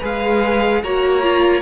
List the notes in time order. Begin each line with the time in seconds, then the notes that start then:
0.00 G#3 G#4 B4 F5
0.83 A#3 F#4 C#5 A#5
1.23 F4